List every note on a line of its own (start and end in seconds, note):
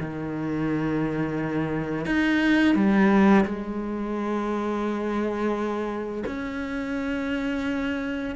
0.00 2.05 D#3
2.05 2.75 D#4
2.75 3.45 G3
3.45 6.24 G#3
6.26 8.35 C#4